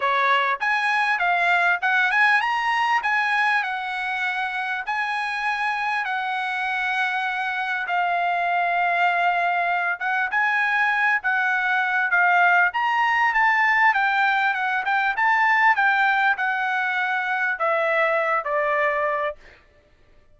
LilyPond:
\new Staff \with { instrumentName = "trumpet" } { \time 4/4 \tempo 4 = 99 cis''4 gis''4 f''4 fis''8 gis''8 | ais''4 gis''4 fis''2 | gis''2 fis''2~ | fis''4 f''2.~ |
f''8 fis''8 gis''4. fis''4. | f''4 ais''4 a''4 g''4 | fis''8 g''8 a''4 g''4 fis''4~ | fis''4 e''4. d''4. | }